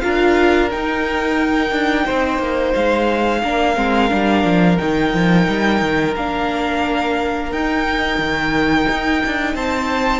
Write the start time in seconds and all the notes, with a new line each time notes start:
0.00 D4 F4 A#4 F5
0.71 D#4 G5
1.71 D4
2.05 C4 C5
2.38 A#3
2.74 G#3 F5
3.43 A#3 D4 A#4
3.75 G#3 C4
4.09 G3 D4
4.44 F3
4.78 D#3 D#4 G5
5.13 F3
5.47 G3
5.82 D#3
6.16 A#3 D4 F5
7.51 D#4 G5
8.18 D#3
8.88 D#4
9.25 D4
9.54 C4 C5 A5